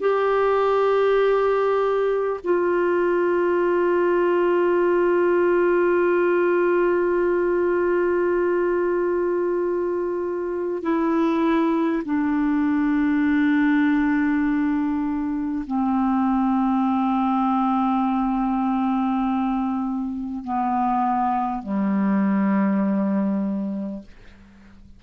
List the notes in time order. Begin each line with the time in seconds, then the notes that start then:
0.00 G4
2.44 F4
10.83 E4
12.05 D4
15.67 C4
20.43 B3
21.63 G3